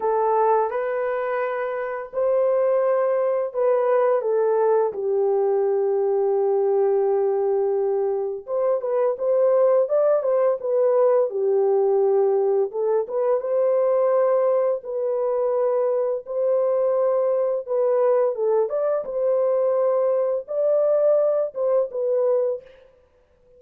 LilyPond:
\new Staff \with { instrumentName = "horn" } { \time 4/4 \tempo 4 = 85 a'4 b'2 c''4~ | c''4 b'4 a'4 g'4~ | g'1 | c''8 b'8 c''4 d''8 c''8 b'4 |
g'2 a'8 b'8 c''4~ | c''4 b'2 c''4~ | c''4 b'4 a'8 d''8 c''4~ | c''4 d''4. c''8 b'4 | }